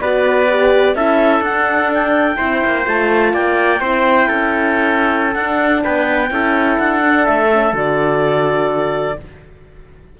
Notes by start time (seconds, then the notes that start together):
0.00 B3 F#4 B4 D5
0.49 G4
0.95 C#4 E4 A4 E5
1.40 D4 F#5
1.94 G5
2.36 C4 E4 C5
2.64 A#3
2.85 A3 F4 A5
3.33 A#3 D5 G5
3.80 C4 E4 C5
4.28 C#4 A4
5.34 D4 F#5
5.83 B3 B4 G5
6.30 C#4 E4 A4
6.79 D4 F#5
7.00 D4
7.26 A3 E5
7.53 C#4
7.73 D3 F#4 D5